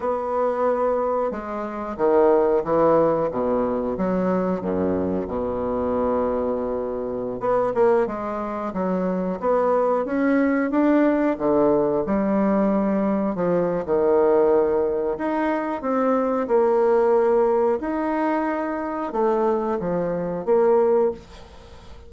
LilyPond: \new Staff \with { instrumentName = "bassoon" } { \time 4/4 \tempo 4 = 91 b2 gis4 dis4 | e4 b,4 fis4 fis,4 | b,2.~ b,16 b8 ais16~ | ais16 gis4 fis4 b4 cis'8.~ |
cis'16 d'4 d4 g4.~ g16~ | g16 f8. dis2 dis'4 | c'4 ais2 dis'4~ | dis'4 a4 f4 ais4 | }